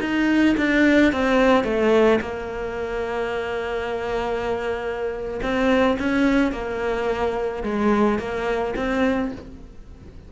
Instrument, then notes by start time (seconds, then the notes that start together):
cello
0.00 D#4
0.57 D4
1.12 C4
1.64 A3
2.21 A#3
5.42 C4
5.99 C#4
6.52 A#3
7.63 G#3
8.19 A#3
8.76 C4